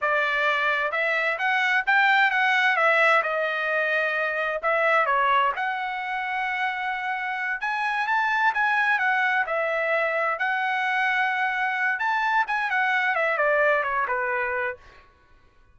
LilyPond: \new Staff \with { instrumentName = "trumpet" } { \time 4/4 \tempo 4 = 130 d''2 e''4 fis''4 | g''4 fis''4 e''4 dis''4~ | dis''2 e''4 cis''4 | fis''1~ |
fis''8 gis''4 a''4 gis''4 fis''8~ | fis''8 e''2 fis''4.~ | fis''2 a''4 gis''8 fis''8~ | fis''8 e''8 d''4 cis''8 b'4. | }